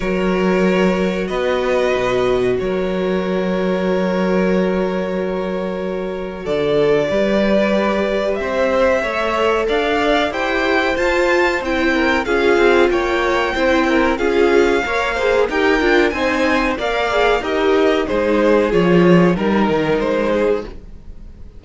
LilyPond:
<<
  \new Staff \with { instrumentName = "violin" } { \time 4/4 \tempo 4 = 93 cis''2 dis''2 | cis''1~ | cis''2 d''2~ | d''4 e''2 f''4 |
g''4 a''4 g''4 f''4 | g''2 f''2 | g''4 gis''4 f''4 dis''4 | c''4 cis''4 ais'4 c''4 | }
  \new Staff \with { instrumentName = "violin" } { \time 4/4 ais'2 b'2 | ais'1~ | ais'2 a'4 b'4~ | b'4 c''4 cis''4 d''4 |
c''2~ c''8 ais'8 gis'4 | cis''4 c''8 ais'8 gis'4 cis''8 c''8 | ais'4 c''4 d''4 ais'4 | gis'2 ais'4. gis'8 | }
  \new Staff \with { instrumentName = "viola" } { \time 4/4 fis'1~ | fis'1~ | fis'2. g'4~ | g'2 a'2 |
g'4 f'4 e'4 f'4~ | f'4 e'4 f'4 ais'8 gis'8 | g'8 f'8 dis'4 ais'8 gis'8 g'4 | dis'4 f'4 dis'2 | }
  \new Staff \with { instrumentName = "cello" } { \time 4/4 fis2 b4 b,4 | fis1~ | fis2 d4 g4~ | g4 c'4 a4 d'4 |
e'4 f'4 c'4 cis'8 c'8 | ais4 c'4 cis'4 ais4 | dis'8 d'8 c'4 ais4 dis'4 | gis4 f4 g8 dis8 gis4 | }
>>